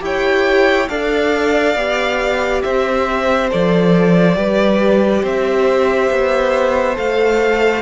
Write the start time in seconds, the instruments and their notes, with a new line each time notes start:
0.00 cello E4, viola G4, violin C#5 G5
0.89 cello D4, viola A4, violin D5 F5
1.75 cello B3, viola G4
2.63 cello C4, violin C5 E5
3.51 cello F3, viola A4, violin D5
4.35 cello G3, viola G4, violin B4
5.23 cello C4, violin C5 E5
6.11 cello B3
6.95 cello A3, viola A4, violin F5